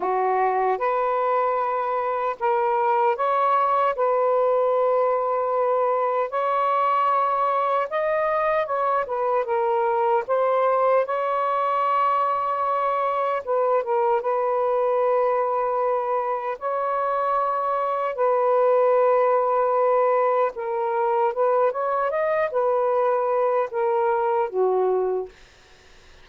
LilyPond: \new Staff \with { instrumentName = "saxophone" } { \time 4/4 \tempo 4 = 76 fis'4 b'2 ais'4 | cis''4 b'2. | cis''2 dis''4 cis''8 b'8 | ais'4 c''4 cis''2~ |
cis''4 b'8 ais'8 b'2~ | b'4 cis''2 b'4~ | b'2 ais'4 b'8 cis''8 | dis''8 b'4. ais'4 fis'4 | }